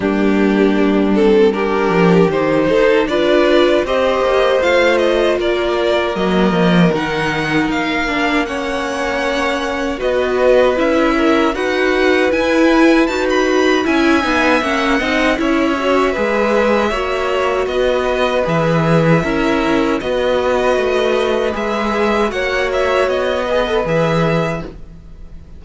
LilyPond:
<<
  \new Staff \with { instrumentName = "violin" } { \time 4/4 \tempo 4 = 78 g'4. a'8 ais'4 c''4 | d''4 dis''4 f''8 dis''8 d''4 | dis''4 fis''4 f''4 fis''4~ | fis''4 dis''4 e''4 fis''4 |
gis''4 a''16 b''8. gis''4 fis''4 | e''2. dis''4 | e''2 dis''2 | e''4 fis''8 e''8 dis''4 e''4 | }
  \new Staff \with { instrumentName = "violin" } { \time 4/4 d'2 g'4. a'8 | b'4 c''2 ais'4~ | ais'2. cis''4~ | cis''4 b'4. ais'8 b'4~ |
b'2 e''4. dis''8 | cis''4 b'4 cis''4 b'4~ | b'4 ais'4 b'2~ | b'4 cis''4. b'4. | }
  \new Staff \with { instrumentName = "viola" } { \time 4/4 ais4. c'8 d'4 dis'4 | f'4 g'4 f'2 | ais4 dis'4. d'8 cis'4~ | cis'4 fis'4 e'4 fis'4 |
e'4 fis'4 e'8 dis'8 cis'8 dis'8 | e'8 fis'8 gis'4 fis'2 | gis'4 e'4 fis'2 | gis'4 fis'4. gis'16 a'16 gis'4 | }
  \new Staff \with { instrumentName = "cello" } { \time 4/4 g2~ g8 f8 dis8 dis'8 | d'4 c'8 ais8 a4 ais4 | fis8 f8 dis4 ais2~ | ais4 b4 cis'4 dis'4 |
e'4 dis'4 cis'8 b8 ais8 c'8 | cis'4 gis4 ais4 b4 | e4 cis'4 b4 a4 | gis4 ais4 b4 e4 | }
>>